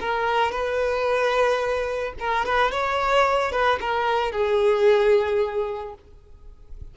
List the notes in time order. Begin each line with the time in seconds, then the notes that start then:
0.00 A#4
0.51 B4
2.19 A#4
2.45 B4
2.71 C#5
3.52 B4
3.81 A#4
4.32 G#4